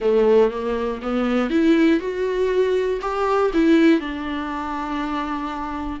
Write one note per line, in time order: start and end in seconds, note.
0.00 0.50 A3
0.50 1.00 A#3
1.02 1.50 B3
1.50 2.00 E4
2.00 3.00 F#4
3.01 3.51 G4
3.53 4.00 E4
4.00 6.00 D4